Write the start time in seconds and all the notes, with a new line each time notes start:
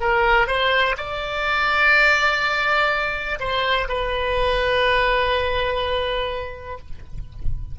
0.00 A#4
0.47 C5
0.97 D5
3.40 C5
3.88 B4